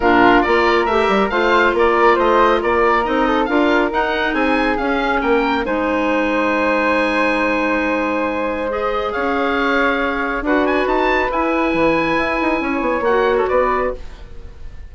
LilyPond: <<
  \new Staff \with { instrumentName = "oboe" } { \time 4/4 \tempo 4 = 138 ais'4 d''4 e''4 f''4 | d''4 dis''4 d''4 dis''4 | f''4 fis''4 gis''4 f''4 | g''4 gis''2.~ |
gis''1 | dis''4 f''2. | fis''8 gis''8 a''4 gis''2~ | gis''2 fis''8. a'16 d''4 | }
  \new Staff \with { instrumentName = "flute" } { \time 4/4 f'4 ais'2 c''4 | ais'4 c''4 ais'4. a'8 | ais'2 gis'2 | ais'4 c''2.~ |
c''1~ | c''4 cis''2. | b'1~ | b'4 cis''2 b'4 | }
  \new Staff \with { instrumentName = "clarinet" } { \time 4/4 d'4 f'4 g'4 f'4~ | f'2. dis'4 | f'4 dis'2 cis'4~ | cis'4 dis'2.~ |
dis'1 | gis'1 | fis'2 e'2~ | e'2 fis'2 | }
  \new Staff \with { instrumentName = "bassoon" } { \time 4/4 ais,4 ais4 a8 g8 a4 | ais4 a4 ais4 c'4 | d'4 dis'4 c'4 cis'4 | ais4 gis2.~ |
gis1~ | gis4 cis'2. | d'4 dis'4 e'4 e4 | e'8 dis'8 cis'8 b8 ais4 b4 | }
>>